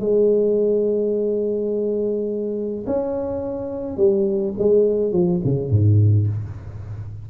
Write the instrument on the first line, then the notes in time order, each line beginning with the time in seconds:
tuba
0.00 G#3
2.87 C#4
3.97 G3
4.59 G#3
5.12 F3
5.45 C#3
5.71 G#2